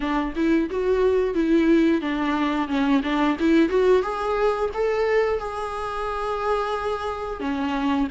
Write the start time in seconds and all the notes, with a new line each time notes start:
0.00 D4
0.36 E4
0.70 F#4
1.34 E4
2.01 D4
2.68 C#4
3.03 D4
3.39 E4
3.69 F#4
4.02 G#4
4.74 A4
5.39 G#4
7.40 C#4